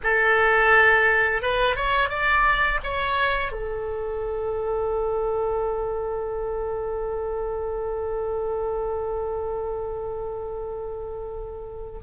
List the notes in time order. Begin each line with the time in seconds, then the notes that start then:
0.03 A4
1.41 B4
1.76 C#5
2.09 D5
2.83 C#5
3.52 A4